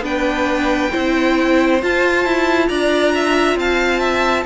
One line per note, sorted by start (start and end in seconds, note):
0.00 0.88 B3
0.00 0.91 D4
0.00 0.91 B4
0.00 1.82 G5
0.91 1.82 C4
0.91 1.80 E4
0.91 2.67 C5
1.81 4.46 F4
1.81 2.25 F4
1.81 2.69 A5
2.25 2.69 E4
2.69 3.56 D4
2.69 3.13 D5
2.69 3.57 A#5
3.15 3.59 E5
3.56 4.44 C4
3.56 4.00 F5
3.56 4.46 A5
4.00 4.44 E5